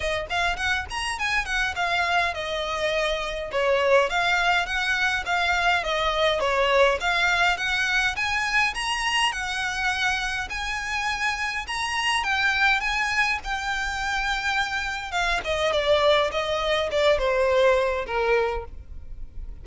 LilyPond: \new Staff \with { instrumentName = "violin" } { \time 4/4 \tempo 4 = 103 dis''8 f''8 fis''8 ais''8 gis''8 fis''8 f''4 | dis''2 cis''4 f''4 | fis''4 f''4 dis''4 cis''4 | f''4 fis''4 gis''4 ais''4 |
fis''2 gis''2 | ais''4 g''4 gis''4 g''4~ | g''2 f''8 dis''8 d''4 | dis''4 d''8 c''4. ais'4 | }